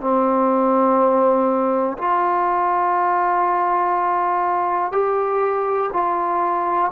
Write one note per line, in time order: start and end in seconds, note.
0.00 1.97 C4
1.98 4.92 F4
4.92 5.90 G4
5.92 6.91 F4